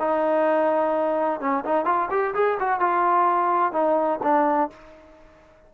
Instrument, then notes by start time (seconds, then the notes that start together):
trombone
0.00 D#4
1.41 C#4
1.65 D#4
1.86 F4
2.11 G4
2.35 G#4
2.60 F#4
2.80 F4
3.73 D#4
4.23 D4